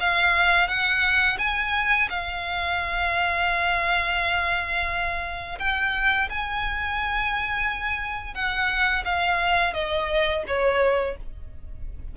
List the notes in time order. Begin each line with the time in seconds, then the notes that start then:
0.00 F5
0.68 F#5
1.38 G#5
2.10 F5
5.59 G5
6.29 G#5
8.34 F#5
9.04 F5
9.74 D#5
10.47 C#5